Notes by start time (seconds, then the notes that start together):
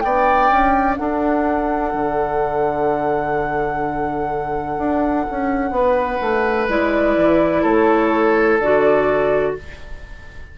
0.00 B3 D4 D5 G5
0.50 C#4
0.96 D4 A4 F#5
1.93 D3
4.78 D4
5.31 C#4
5.71 B3 B4
6.21 A3
6.68 G#3 E4 D5
7.17 E3
7.62 A3 A4 C#5
8.59 D3 F#4 D5